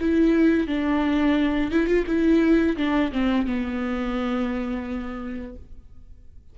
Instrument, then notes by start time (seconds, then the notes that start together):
viola
0.00 E4
0.67 D4
1.71 E4
1.87 F4
2.06 E4
2.76 D4
3.12 C4
3.46 B3